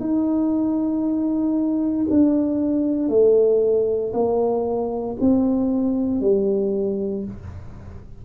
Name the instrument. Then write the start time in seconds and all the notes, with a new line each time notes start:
tuba
0.00 D#4
2.10 D4
3.08 A3
4.13 A#3
5.20 C4
6.21 G3